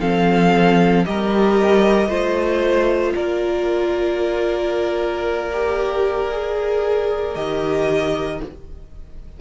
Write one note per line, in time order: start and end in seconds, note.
0.00 1.05 F3
0.00 1.05 C4
0.00 1.05 A4
0.00 1.05 F5
1.05 2.08 G3
1.05 2.09 G4
1.05 2.08 A#4
1.05 3.15 D#5
2.08 3.13 A3
2.08 5.51 F4
2.08 3.13 C5
3.15 7.35 A#3
3.15 8.41 A#4
3.15 7.35 D5
5.53 6.31 G4
6.31 7.36 G#4
7.35 8.40 D#3
7.35 8.41 G4
7.35 8.40 D#5